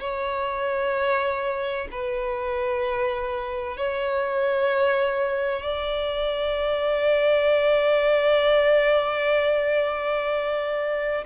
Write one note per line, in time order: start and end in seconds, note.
0.00 1.87 C#5
1.91 3.77 B4
3.77 5.62 C#5
5.62 11.25 D5